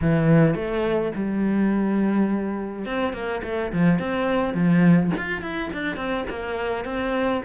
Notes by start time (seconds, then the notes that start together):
0.01 E3
0.55 A3
1.15 G3
2.85 C4
3.13 A#3
3.43 A3
3.72 F3
3.99 C4
4.54 F3
5.17 F4
5.41 E4
5.73 D4
5.96 C4
6.29 A#3
6.84 C4